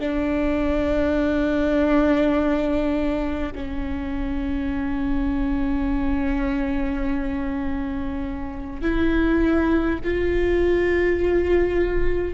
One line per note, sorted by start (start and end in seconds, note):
0.00 3.53 D4
3.56 8.82 C#4
8.82 9.99 E4
10.04 12.35 F4